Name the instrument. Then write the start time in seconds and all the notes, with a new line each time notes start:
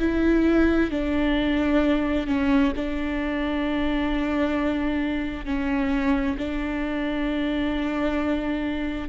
viola
0.00 E4
0.91 D4
2.28 C#4
2.76 D4
5.46 C#4
6.38 D4